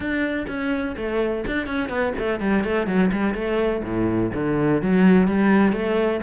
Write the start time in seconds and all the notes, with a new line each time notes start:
0.00 D4
0.47 C#4
0.96 A3
1.46 D4
1.66 C#4
1.89 B3
2.18 A3
2.40 G3
2.64 A3
2.86 F#3
3.12 G3
3.34 A3
3.83 A2
4.33 D3
4.81 F#3
5.27 G3
5.72 A3